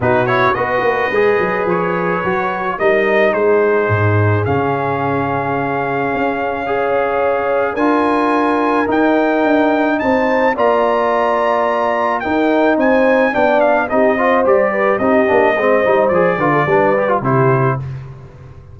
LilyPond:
<<
  \new Staff \with { instrumentName = "trumpet" } { \time 4/4 \tempo 4 = 108 b'8 cis''8 dis''2 cis''4~ | cis''4 dis''4 c''2 | f''1~ | f''2 gis''2 |
g''2 a''4 ais''4~ | ais''2 g''4 gis''4 | g''8 f''8 dis''4 d''4 dis''4~ | dis''4 d''2 c''4 | }
  \new Staff \with { instrumentName = "horn" } { \time 4/4 fis'4 b'2.~ | b'4 ais'4 gis'2~ | gis'1 | cis''2 ais'2~ |
ais'2 c''4 d''4~ | d''2 ais'4 c''4 | d''4 g'8 c''4 b'8 g'4 | c''4. b'16 a'16 b'4 g'4 | }
  \new Staff \with { instrumentName = "trombone" } { \time 4/4 dis'8 e'8 fis'4 gis'2 | fis'4 dis'2. | cis'1 | gis'2 f'2 |
dis'2. f'4~ | f'2 dis'2 | d'4 dis'8 f'8 g'4 dis'8 d'8 | c'8 dis'8 gis'8 f'8 d'8 g'16 f'16 e'4 | }
  \new Staff \with { instrumentName = "tuba" } { \time 4/4 b,4 b8 ais8 gis8 fis8 f4 | fis4 g4 gis4 gis,4 | cis2. cis'4~ | cis'2 d'2 |
dis'4 d'4 c'4 ais4~ | ais2 dis'4 c'4 | b4 c'4 g4 c'8 ais8 | gis8 g8 f8 d8 g4 c4 | }
>>